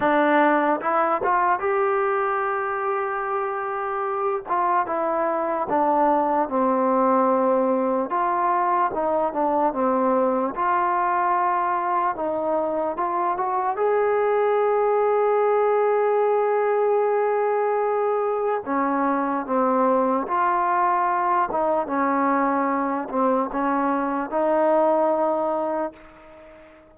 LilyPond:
\new Staff \with { instrumentName = "trombone" } { \time 4/4 \tempo 4 = 74 d'4 e'8 f'8 g'2~ | g'4. f'8 e'4 d'4 | c'2 f'4 dis'8 d'8 | c'4 f'2 dis'4 |
f'8 fis'8 gis'2.~ | gis'2. cis'4 | c'4 f'4. dis'8 cis'4~ | cis'8 c'8 cis'4 dis'2 | }